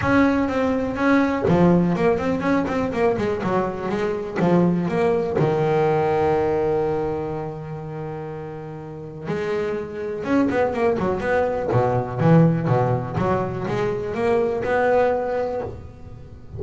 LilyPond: \new Staff \with { instrumentName = "double bass" } { \time 4/4 \tempo 4 = 123 cis'4 c'4 cis'4 f4 | ais8 c'8 cis'8 c'8 ais8 gis8 fis4 | gis4 f4 ais4 dis4~ | dis1~ |
dis2. gis4~ | gis4 cis'8 b8 ais8 fis8 b4 | b,4 e4 b,4 fis4 | gis4 ais4 b2 | }